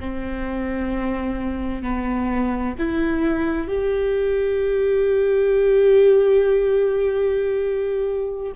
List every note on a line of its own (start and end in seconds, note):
0.00 1.83 C4
1.83 2.75 B3
2.79 3.68 E4
3.68 8.53 G4